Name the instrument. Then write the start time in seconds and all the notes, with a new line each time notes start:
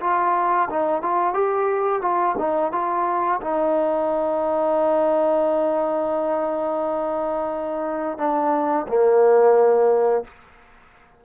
trombone
0.00 F4
0.69 D#4
1.02 F4
1.33 G4
2.01 F4
2.38 D#4
2.72 F4
3.41 D#4
8.18 D4
8.88 A#3